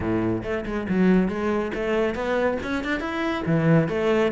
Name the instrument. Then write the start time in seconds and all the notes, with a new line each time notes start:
cello
0.00 A2
0.43 A3
0.65 G#3
0.88 F#3
1.28 G#3
1.74 A3
2.14 B3
2.62 C#4
2.84 D4
3.00 E4
3.46 E3
3.88 A3